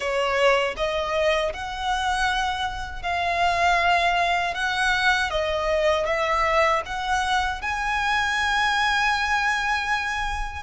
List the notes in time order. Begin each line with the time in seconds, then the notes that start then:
0.00 C#5
0.76 D#5
1.53 F#5
3.02 F5
4.54 F#5
5.30 D#5
6.06 E5
6.85 F#5
7.61 G#5